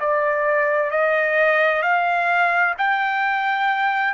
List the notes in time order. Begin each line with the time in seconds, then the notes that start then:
0.00 D5
0.91 D#5
1.82 F5
2.78 G5